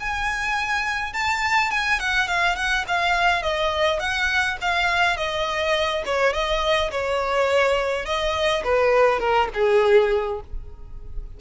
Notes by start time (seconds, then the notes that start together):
0.00 G#5
1.13 A5
1.71 G#5
1.99 F#5
2.27 F5
2.56 F#5
2.88 F5
3.42 D#5
3.99 F#5
4.61 F5
5.17 D#5
6.06 C#5
6.33 D#5
6.91 C#5
8.05 D#5
8.64 B4
9.19 A#4
9.54 G#4